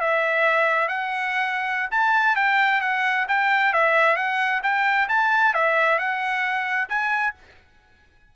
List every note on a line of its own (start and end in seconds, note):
0.00 0.88 E5
0.88 1.89 F#5
1.90 2.35 A5
2.35 2.81 G5
2.81 3.26 F#5
3.28 3.73 G5
3.73 4.16 E5
4.16 4.61 F#5
4.63 5.08 G5
5.08 5.53 A5
5.53 5.98 E5
5.98 6.88 F#5
6.89 7.34 G#5